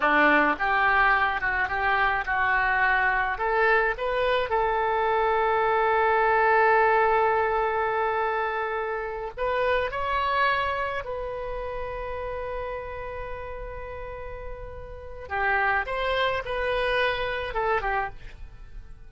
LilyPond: \new Staff \with { instrumentName = "oboe" } { \time 4/4 \tempo 4 = 106 d'4 g'4. fis'8 g'4 | fis'2 a'4 b'4 | a'1~ | a'1~ |
a'8 b'4 cis''2 b'8~ | b'1~ | b'2. g'4 | c''4 b'2 a'8 g'8 | }